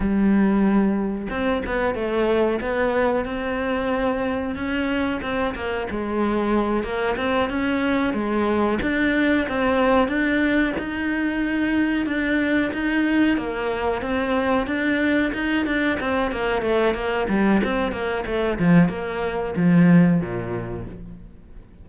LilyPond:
\new Staff \with { instrumentName = "cello" } { \time 4/4 \tempo 4 = 92 g2 c'8 b8 a4 | b4 c'2 cis'4 | c'8 ais8 gis4. ais8 c'8 cis'8~ | cis'8 gis4 d'4 c'4 d'8~ |
d'8 dis'2 d'4 dis'8~ | dis'8 ais4 c'4 d'4 dis'8 | d'8 c'8 ais8 a8 ais8 g8 c'8 ais8 | a8 f8 ais4 f4 ais,4 | }